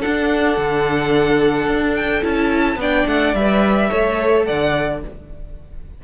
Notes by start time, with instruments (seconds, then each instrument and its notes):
0.00 viola D4, cello D4, violin A4 F#5
0.58 cello D3
1.67 cello D4
1.96 violin G5
2.22 cello C#4, viola E4, violin A5
2.76 cello B3, viola D4, violin D5 G5
3.07 cello A3, violin F#5
3.34 cello G3, viola B4, violin E5
3.89 cello A3, viola A4, violin C#5
4.45 cello D3, violin D5 F#5